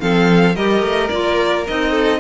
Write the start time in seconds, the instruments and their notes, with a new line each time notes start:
0.00 cello F3, clarinet C4, violin A4 F5
0.55 cello G3, clarinet G4, violin A#4 D#5
0.82 cello A3
1.09 cello A#3, clarinet F4, violin D5
1.67 cello C4, clarinet D#4, violin D#5
1.91 violin A4